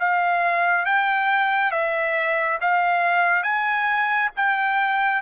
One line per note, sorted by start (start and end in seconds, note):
0.00 0.85 F5
0.85 1.72 G5
1.72 2.58 E5
2.61 3.43 F5
3.43 4.30 G#5
4.36 5.22 G5